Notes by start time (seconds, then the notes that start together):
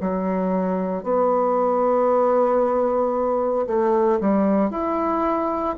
0.00 F#3
1.03 B3
3.67 A3
4.20 G3
4.70 E4